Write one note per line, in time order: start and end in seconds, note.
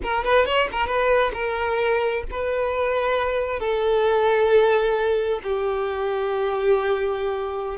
0.02 0.24 A#4
0.24 0.45 B4
0.45 0.68 C#5
0.72 0.86 A#4
0.86 1.31 B4
1.33 2.24 A#4
2.30 3.59 B4
3.59 5.40 A4
5.43 7.77 G4